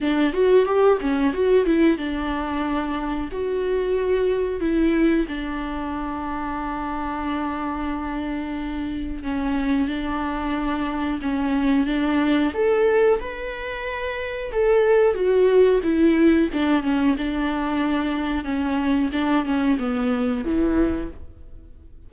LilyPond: \new Staff \with { instrumentName = "viola" } { \time 4/4 \tempo 4 = 91 d'8 fis'8 g'8 cis'8 fis'8 e'8 d'4~ | d'4 fis'2 e'4 | d'1~ | d'2 cis'4 d'4~ |
d'4 cis'4 d'4 a'4 | b'2 a'4 fis'4 | e'4 d'8 cis'8 d'2 | cis'4 d'8 cis'8 b4 e4 | }